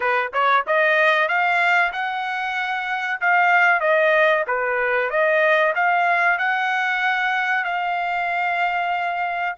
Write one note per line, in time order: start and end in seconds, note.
0.00 0.31 B4
0.33 0.65 C#5
0.66 1.28 D#5
1.28 1.92 F5
1.92 3.20 F#5
3.21 3.80 F5
3.80 4.44 D#5
4.47 5.09 B4
5.09 5.73 D#5
5.75 6.38 F5
6.38 7.64 F#5
7.64 9.55 F5